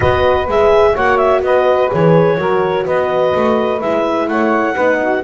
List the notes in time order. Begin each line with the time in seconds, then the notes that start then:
0.00 B3 F#4 B4 D#5
0.48 G#3 G#4 E5
0.93 A#3 F#4 C#5 F#5
1.17 E5
1.41 B3 B4 D#5
1.90 E3 G#4 C#5
2.37 F#3 F#4 A#4
2.85 B3 B4 D#5
3.34 A3
3.80 G#3 E4 E5
4.27 A3 C#5 F#5
4.74 B3 D#4 B4
5.00 F#4